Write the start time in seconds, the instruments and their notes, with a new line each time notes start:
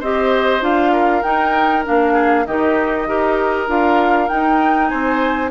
0.00 bassoon C4, clarinet G4, oboe C5, flute D#5
0.61 bassoon D4, clarinet F4, flute F5
0.93 oboe A#4
1.23 bassoon D#4, clarinet D#4, flute G5
1.85 bassoon A#3, clarinet D4, flute F5
2.14 oboe G#4
2.46 bassoon D#3, clarinet D#4, oboe G4, flute D#5
3.07 bassoon D#4, clarinet G4, oboe A#4
3.68 bassoon D4, clarinet F4, flute F5
4.29 clarinet D#4, bassoon D#4, flute G5
4.88 bassoon C4, oboe C5, flute G#5